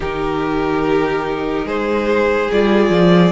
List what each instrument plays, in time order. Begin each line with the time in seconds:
0.00 cello D#3, viola D#4, violin G4 A#4
1.65 cello G#3, violin G#4 C5
2.51 cello G3, viola F4, violin D5
2.89 cello F3